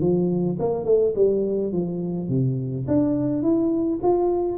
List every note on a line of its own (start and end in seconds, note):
0.00 0.57 F3
0.59 0.84 A#3
0.84 1.13 A3
1.15 1.72 G3
1.72 2.29 F3
2.29 2.86 C3
2.87 3.42 D4
3.42 3.99 E4
4.02 4.58 F4